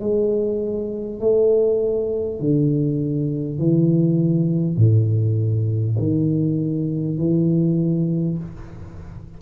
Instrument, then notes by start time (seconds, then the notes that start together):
tuba
0.00 G#3
1.20 A3
2.40 D3
3.59 E3
4.77 A2
5.98 D#3
7.18 E3